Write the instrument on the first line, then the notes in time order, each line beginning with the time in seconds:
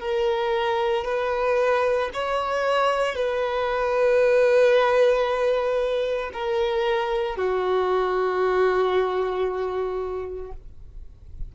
violin
0.00 A#4
1.05 B4
2.14 C#5
3.15 B4
6.33 A#4
7.36 F#4